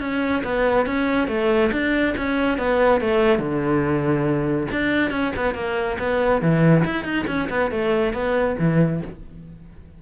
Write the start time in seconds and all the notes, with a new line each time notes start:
0.00 C#4
0.44 B3
0.86 C#4
1.28 A3
1.72 D4
2.18 C#4
2.58 B3
3.01 A3
3.39 D3
4.72 D4
5.11 C#4
5.36 B3
5.55 A#3
5.99 B3
6.42 E3
6.85 E4
7.04 D#4
7.28 C#4
7.50 B3
7.71 A3
8.14 B3
8.59 E3